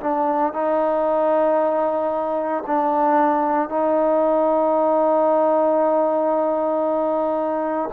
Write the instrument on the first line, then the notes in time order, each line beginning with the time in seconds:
trombone
0.00 D4
0.53 D#4
2.67 D4
3.69 D#4